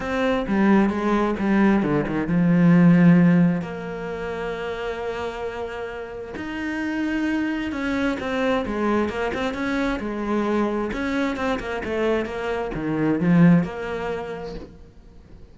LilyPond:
\new Staff \with { instrumentName = "cello" } { \time 4/4 \tempo 4 = 132 c'4 g4 gis4 g4 | d8 dis8 f2. | ais1~ | ais2 dis'2~ |
dis'4 cis'4 c'4 gis4 | ais8 c'8 cis'4 gis2 | cis'4 c'8 ais8 a4 ais4 | dis4 f4 ais2 | }